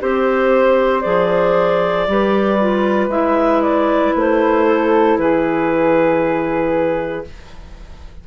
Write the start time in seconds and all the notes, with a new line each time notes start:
0.00 C4 G4 C5
1.01 F3 G#4 D5
2.08 G3 G4 B4
2.60 F4
3.08 G#3 E4 E5
3.62 D5
4.16 A3 C5
4.67 A4
5.18 E3 G#4 B4